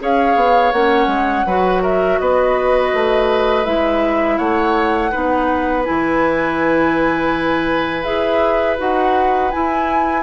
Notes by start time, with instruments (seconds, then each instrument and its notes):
0.00 bassoon C#4, clarinet G#4, oboe C#5, flute F5
0.36 bassoon B3
0.73 bassoon A#3, clarinet C#4, flute F#5
1.07 bassoon G#3
1.46 bassoon F#3, clarinet F#4, oboe B4
1.83 oboe A#4, flute E5
2.20 bassoon B3, oboe B4, flute D#5
2.94 bassoon A3
3.65 bassoon G#3, clarinet E4, flute E5
4.38 bassoon A3, oboe C#5, flute F#5
5.12 bassoon B3, clarinet D#4, oboe B4
5.85 bassoon E3, clarinet E4, flute G#5
8.04 bassoon E4, clarinet G#4, flute E5
8.78 bassoon D#4, clarinet F#4, flute F#5
9.52 clarinet E4, bassoon E4, flute G#5